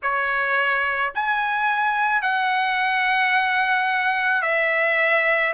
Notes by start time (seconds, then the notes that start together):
0.02 C#5
1.14 G#5
2.22 F#5
4.41 E5